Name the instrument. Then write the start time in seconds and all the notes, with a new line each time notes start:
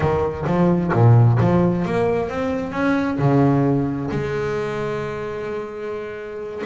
double bass
0.00 D#3
0.46 F3
0.92 A#2
1.40 F3
1.85 A#3
2.29 C4
2.72 C#4
3.18 C#3
4.11 G#3